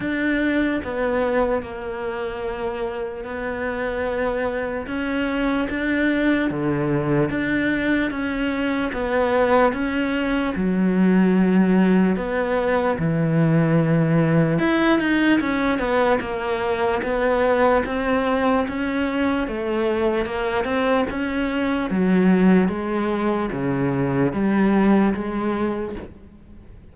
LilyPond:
\new Staff \with { instrumentName = "cello" } { \time 4/4 \tempo 4 = 74 d'4 b4 ais2 | b2 cis'4 d'4 | d4 d'4 cis'4 b4 | cis'4 fis2 b4 |
e2 e'8 dis'8 cis'8 b8 | ais4 b4 c'4 cis'4 | a4 ais8 c'8 cis'4 fis4 | gis4 cis4 g4 gis4 | }